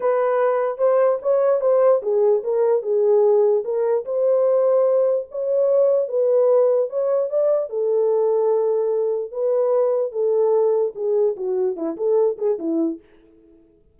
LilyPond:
\new Staff \with { instrumentName = "horn" } { \time 4/4 \tempo 4 = 148 b'2 c''4 cis''4 | c''4 gis'4 ais'4 gis'4~ | gis'4 ais'4 c''2~ | c''4 cis''2 b'4~ |
b'4 cis''4 d''4 a'4~ | a'2. b'4~ | b'4 a'2 gis'4 | fis'4 e'8 a'4 gis'8 e'4 | }